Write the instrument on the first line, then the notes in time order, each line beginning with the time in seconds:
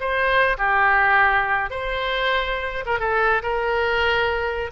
oboe
0.00 C5
0.58 G4
1.70 C5
2.86 A#4
2.99 A4
3.43 A#4